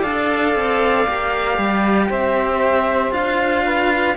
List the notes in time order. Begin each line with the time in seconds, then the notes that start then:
0.00 D4 A4 D5 F5
0.55 C4
1.06 A#3 G4
1.58 G3
2.09 C4 C5 E5
3.11 D4 F4 F5
3.64 B4